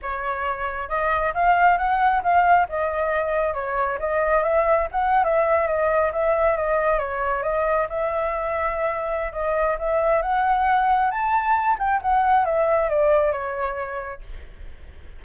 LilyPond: \new Staff \with { instrumentName = "flute" } { \time 4/4 \tempo 4 = 135 cis''2 dis''4 f''4 | fis''4 f''4 dis''2 | cis''4 dis''4 e''4 fis''8. e''16~ | e''8. dis''4 e''4 dis''4 cis''16~ |
cis''8. dis''4 e''2~ e''16~ | e''4 dis''4 e''4 fis''4~ | fis''4 a''4. g''8 fis''4 | e''4 d''4 cis''2 | }